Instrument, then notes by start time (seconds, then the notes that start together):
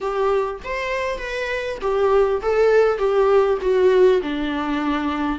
viola
0.01 G4
0.64 C5
1.18 B4
1.81 G4
2.42 A4
2.98 G4
3.61 F#4
4.22 D4